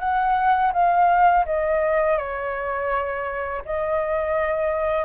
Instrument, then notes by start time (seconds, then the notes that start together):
flute
0.00 F#5
0.73 F5
1.46 D#5
2.18 C#5
3.65 D#5